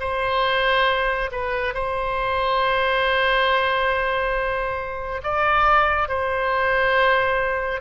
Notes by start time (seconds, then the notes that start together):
0.00 C5
1.32 B4
1.74 C5
5.23 D5
6.08 C5